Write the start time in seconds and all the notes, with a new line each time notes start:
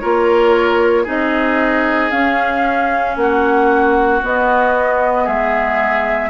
0.00 A#3 F4 A#4 C#5
1.04 C4 D#4 G#4 D#5
2.11 C#4 F5
3.16 A#3 F#4 F#5
4.22 B3 D#5
5.24 G#3 G#4 E5